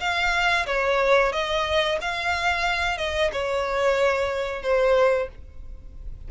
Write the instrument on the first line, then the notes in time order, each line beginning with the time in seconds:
violin
0.00 F5
0.67 C#5
1.32 D#5
2.01 F5
2.98 D#5
3.33 C#5
4.62 C5